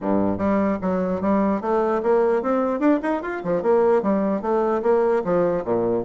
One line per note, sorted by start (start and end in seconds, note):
0.01 0.37 G2
0.37 0.78 G3
0.81 1.21 F#3
1.21 1.61 G3
1.61 2.01 A3
2.02 2.42 A#3
2.42 2.79 C4
2.79 2.99 D4
3.02 3.22 D#4
3.22 3.42 F4
3.44 3.62 F3
3.62 4.02 A#3
4.02 4.41 G3
4.41 4.81 A3
4.82 5.22 A#3
5.24 5.64 F3
5.64 6.05 A#2